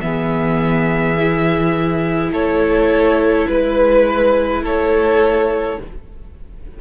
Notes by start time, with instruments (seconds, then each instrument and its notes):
0.00 cello E3, viola B3, violin G#4 E5
1.19 viola E4
2.30 cello A3, violin A4 C#5
3.47 cello G#3, violin B4
4.61 cello A3, violin A4 C#5